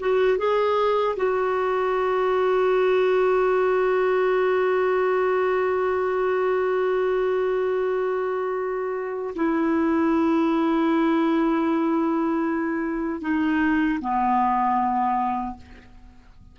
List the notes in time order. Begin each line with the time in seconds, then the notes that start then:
0.00 F#4
0.38 G#4
1.16 F#4
9.35 E4
13.21 D#4
14.00 B3